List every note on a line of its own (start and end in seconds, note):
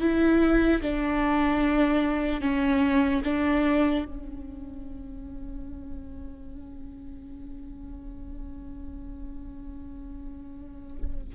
0.00 0.81 E4
0.81 2.41 D4
2.41 3.22 C#4
3.24 4.05 D4
4.05 11.35 C#4